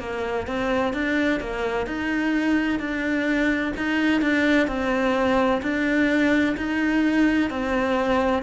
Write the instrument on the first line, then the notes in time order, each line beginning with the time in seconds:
cello
0.00 A#3
0.47 C4
0.93 D4
1.40 A#3
1.87 D#4
2.79 D4
3.76 D#4
4.21 D4
4.67 C4
5.62 D4
6.57 D#4
7.50 C4